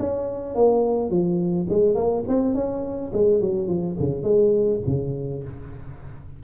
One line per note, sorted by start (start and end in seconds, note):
0.00 0.55 C#4
0.55 1.10 A#3
1.10 1.68 F3
1.70 1.96 G#3
1.96 2.24 A#3
2.28 2.55 C4
2.55 3.12 C#4
3.14 3.41 G#3
3.41 3.68 F#3
3.68 3.97 F3
4.00 4.23 C#3
4.23 4.81 G#3
4.87 5.44 C#3